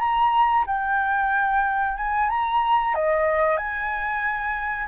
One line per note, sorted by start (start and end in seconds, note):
0.00 0.65 A#5
0.67 1.98 G5
1.98 2.30 G#5
2.30 2.95 A#5
2.95 3.58 D#5
3.58 4.88 G#5